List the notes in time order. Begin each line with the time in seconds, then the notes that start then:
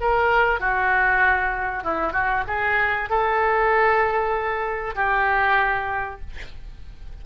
0.00 A#4
0.60 F#4
1.83 E4
2.13 F#4
2.47 G#4
3.09 A4
4.95 G4